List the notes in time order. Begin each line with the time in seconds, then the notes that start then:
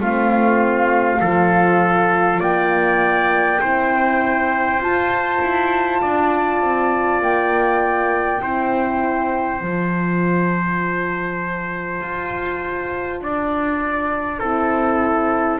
0.00 A3 C4 F4 F5
1.21 F3 F4 A4
2.40 A#3 D5 G5
3.61 C4 E4 C5
4.79 F4 A5
5.41 E4
6.01 D4 D5
6.61 C4
7.21 A#3 G5
8.41 C4 E4 C5
9.61 F3 F4 A5
12.01 F4
13.21 D4 D5
14.39 C4 E4 A4